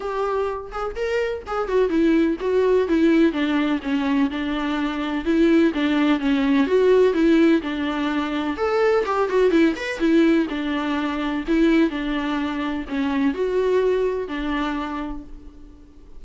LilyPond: \new Staff \with { instrumentName = "viola" } { \time 4/4 \tempo 4 = 126 g'4. gis'8 ais'4 gis'8 fis'8 | e'4 fis'4 e'4 d'4 | cis'4 d'2 e'4 | d'4 cis'4 fis'4 e'4 |
d'2 a'4 g'8 fis'8 | e'8 b'8 e'4 d'2 | e'4 d'2 cis'4 | fis'2 d'2 | }